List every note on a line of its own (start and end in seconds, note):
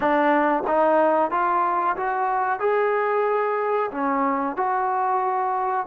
0.00 0.63 D4
0.67 1.30 D#4
1.30 1.96 F4
1.96 2.59 F#4
2.59 3.90 G#4
3.91 4.56 C#4
4.56 5.86 F#4